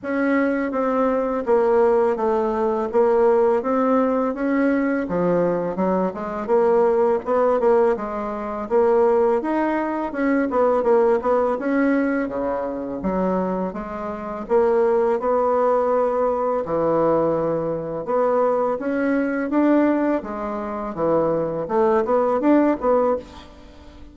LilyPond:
\new Staff \with { instrumentName = "bassoon" } { \time 4/4 \tempo 4 = 83 cis'4 c'4 ais4 a4 | ais4 c'4 cis'4 f4 | fis8 gis8 ais4 b8 ais8 gis4 | ais4 dis'4 cis'8 b8 ais8 b8 |
cis'4 cis4 fis4 gis4 | ais4 b2 e4~ | e4 b4 cis'4 d'4 | gis4 e4 a8 b8 d'8 b8 | }